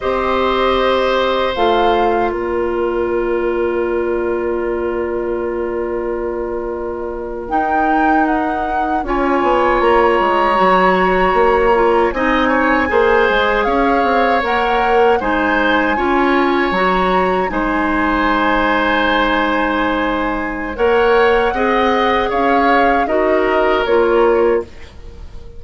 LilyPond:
<<
  \new Staff \with { instrumentName = "flute" } { \time 4/4 \tempo 4 = 78 dis''2 f''4 d''4~ | d''1~ | d''4.~ d''16 g''4 fis''4 gis''16~ | gis''8. ais''2. gis''16~ |
gis''4.~ gis''16 f''4 fis''4 gis''16~ | gis''4.~ gis''16 ais''4 gis''4~ gis''16~ | gis''2. fis''4~ | fis''4 f''4 dis''4 cis''4 | }
  \new Staff \with { instrumentName = "oboe" } { \time 4/4 c''2. ais'4~ | ais'1~ | ais'2.~ ais'8. cis''16~ | cis''2.~ cis''8. dis''16~ |
dis''16 cis''8 c''4 cis''2 c''16~ | c''8. cis''2 c''4~ c''16~ | c''2. cis''4 | dis''4 cis''4 ais'2 | }
  \new Staff \with { instrumentName = "clarinet" } { \time 4/4 g'2 f'2~ | f'1~ | f'4.~ f'16 dis'2 f'16~ | f'4.~ f'16 fis'4. f'8 dis'16~ |
dis'8. gis'2 ais'4 dis'16~ | dis'8. f'4 fis'4 dis'4~ dis'16~ | dis'2. ais'4 | gis'2 fis'4 f'4 | }
  \new Staff \with { instrumentName = "bassoon" } { \time 4/4 c'2 a4 ais4~ | ais1~ | ais4.~ ais16 dis'2 cis'16~ | cis'16 b8 ais8 gis8 fis4 ais4 c'16~ |
c'8. ais8 gis8 cis'8 c'8 ais4 gis16~ | gis8. cis'4 fis4 gis4~ gis16~ | gis2. ais4 | c'4 cis'4 dis'4 ais4 | }
>>